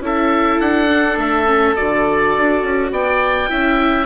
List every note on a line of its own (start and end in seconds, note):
0.00 0.58 C#4
0.00 0.89 E4
0.00 2.92 A4
0.00 0.60 E5
0.60 1.17 D4
0.60 1.18 F#5
0.89 1.46 D4
1.17 1.75 A3
1.17 1.75 E5
1.46 1.75 C#4
1.75 2.37 D3
1.75 3.48 F#4
1.75 2.91 D5
2.37 2.62 D4
2.62 2.91 C#4
2.91 3.49 B3
2.91 3.50 D5
2.91 4.06 G5
3.48 4.06 C#4
3.48 4.06 E4
3.48 4.06 E5